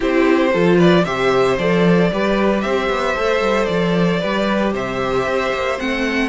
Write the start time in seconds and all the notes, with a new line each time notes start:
0.00 C4 E4 G4 C5
0.52 F3 F4 A4
0.77 B4 D5
1.04 C3 G4 C5 E5
1.58 F3 A4 D5
2.12 G3 G4 B4
2.60 C4 C5 E5
2.89 B3
3.16 A3 A4
3.40 G3
3.65 F3 D5
4.20 G3 G4 B4
4.73 C3 C5 E5
5.26 C4
5.53 A#3
5.78 A3 C4 F#5